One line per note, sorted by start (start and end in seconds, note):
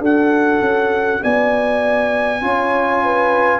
0.00 0.60 D4
0.00 2.41 F#4
0.00 1.21 A4
0.00 1.23 F#5
0.60 1.21 C#4
1.23 2.41 B3
1.23 2.43 D5
1.23 3.60 G#5
2.41 3.60 C#4
2.41 3.60 F4
2.41 3.04 C#5
3.04 3.60 B4